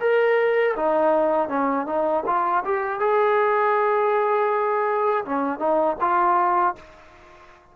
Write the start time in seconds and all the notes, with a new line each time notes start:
0.00 A#4
0.76 D#4
1.48 C#4
1.86 D#4
2.26 F4
2.65 G4
3.00 G#4
5.25 C#4
5.59 D#4
6.00 F4